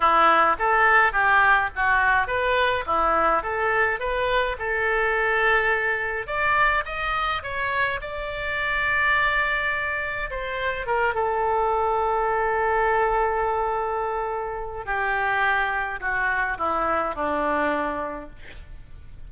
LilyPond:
\new Staff \with { instrumentName = "oboe" } { \time 4/4 \tempo 4 = 105 e'4 a'4 g'4 fis'4 | b'4 e'4 a'4 b'4 | a'2. d''4 | dis''4 cis''4 d''2~ |
d''2 c''4 ais'8 a'8~ | a'1~ | a'2 g'2 | fis'4 e'4 d'2 | }